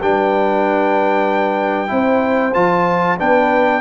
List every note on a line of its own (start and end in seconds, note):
0.00 1.91 G3
0.00 1.87 D4
0.00 1.91 B4
0.00 2.53 G5
1.87 2.55 C4
1.87 2.51 E4
1.87 3.18 C5
2.53 3.19 F3
2.53 3.17 F4
2.53 3.17 A5
3.18 3.81 B3
3.18 3.81 D4
3.18 3.81 B4
3.18 3.81 G5